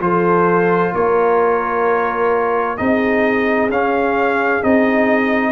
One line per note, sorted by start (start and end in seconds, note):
0.00 0.92 F3
0.00 2.78 F4
0.00 0.94 A4
0.00 0.94 C5
0.94 2.79 A#3
0.94 2.79 A#4
0.94 2.77 C#5
2.77 3.69 C4
2.77 3.70 D#4
2.77 5.52 G#4
2.77 3.70 D#5
3.69 4.62 C#4
3.69 4.63 F5
4.62 5.52 C4
4.62 5.52 D#4
4.62 5.52 D#5